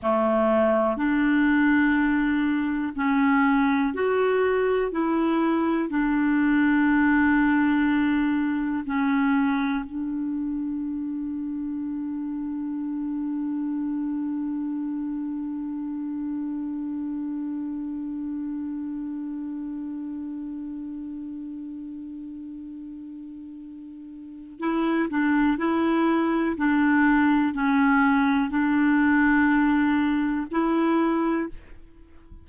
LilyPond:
\new Staff \with { instrumentName = "clarinet" } { \time 4/4 \tempo 4 = 61 a4 d'2 cis'4 | fis'4 e'4 d'2~ | d'4 cis'4 d'2~ | d'1~ |
d'1~ | d'1~ | d'4 e'8 d'8 e'4 d'4 | cis'4 d'2 e'4 | }